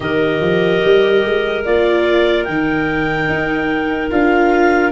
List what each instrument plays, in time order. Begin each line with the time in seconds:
0.00 tuba D#3, viola G4, clarinet A#4 D#5
0.41 tuba F3
0.84 tuba G3
1.24 tuba G#3
1.64 tuba A#3, viola F4, clarinet D5
2.44 tuba D#3, viola D#4, clarinet G5
3.28 tuba D#4
4.10 tuba D4, viola F4, clarinet F5